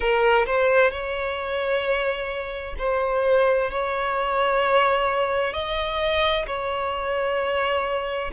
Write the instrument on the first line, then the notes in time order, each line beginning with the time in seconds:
violin
0.00 A#4
0.46 C5
0.90 C#5
2.78 C5
3.70 C#5
5.53 D#5
6.46 C#5